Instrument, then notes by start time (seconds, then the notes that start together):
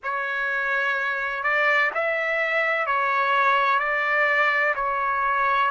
trumpet
0.03 C#5
1.43 D5
1.94 E5
2.86 C#5
3.79 D5
4.75 C#5